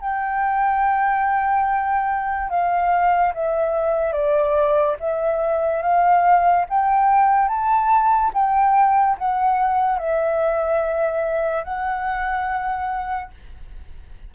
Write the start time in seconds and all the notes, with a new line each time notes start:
0.00 G5
2.49 F5
3.34 E5
4.12 D5
4.99 E5
5.82 F5
6.69 G5
7.48 A5
8.33 G5
9.18 F#5
9.98 E5
11.64 F#5